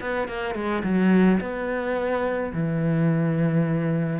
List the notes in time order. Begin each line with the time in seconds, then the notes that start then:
0.00 B3
0.28 A#3
0.54 G#3
0.83 F#3
1.40 B3
2.53 E3